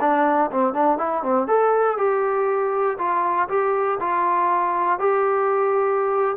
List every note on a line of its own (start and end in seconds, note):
0.00 0.50 D4
0.51 0.73 C4
0.73 0.97 D4
0.97 1.22 E4
1.22 1.47 C4
1.47 1.97 A4
1.97 2.97 G4
2.98 3.48 F4
3.49 3.99 G4
4.00 4.99 F4
4.99 6.36 G4